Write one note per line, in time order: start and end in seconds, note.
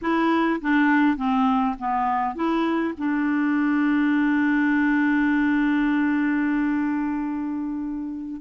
0.01 0.60 E4
0.61 1.16 D4
1.16 1.75 C4
1.78 2.35 B3
2.35 2.94 E4
2.97 8.41 D4